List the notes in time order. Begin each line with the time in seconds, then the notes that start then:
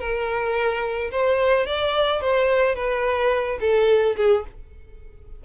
0.00 A#4
1.12 C5
1.67 D5
2.21 C5
2.75 B4
3.61 A4
4.17 G#4